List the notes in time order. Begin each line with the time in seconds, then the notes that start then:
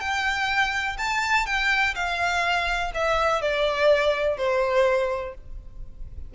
0.00 G5
0.98 A5
1.46 G5
1.95 F5
2.94 E5
3.41 D5
4.37 C5